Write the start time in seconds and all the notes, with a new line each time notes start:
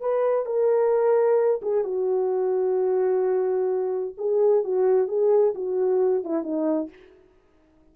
0.00 B4
0.45 A#4
1.62 G#4
1.84 F#4
4.17 G#4
4.63 F#4
5.07 G#4
5.54 F#4
6.23 E4
6.43 D#4